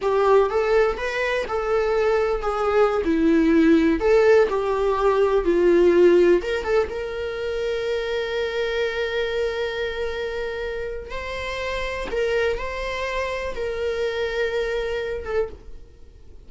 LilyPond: \new Staff \with { instrumentName = "viola" } { \time 4/4 \tempo 4 = 124 g'4 a'4 b'4 a'4~ | a'4 gis'4~ gis'16 e'4.~ e'16~ | e'16 a'4 g'2 f'8.~ | f'4~ f'16 ais'8 a'8 ais'4.~ ais'16~ |
ais'1~ | ais'2. c''4~ | c''4 ais'4 c''2 | ais'2.~ ais'8 a'8 | }